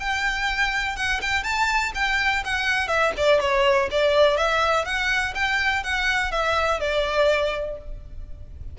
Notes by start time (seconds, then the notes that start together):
0.00 G5
0.96 F#5
1.22 G5
1.44 A5
1.95 G5
2.45 F#5
2.88 E5
3.17 D5
3.40 C#5
3.91 D5
4.37 E5
4.85 F#5
5.35 G5
5.84 F#5
6.31 E5
6.80 D5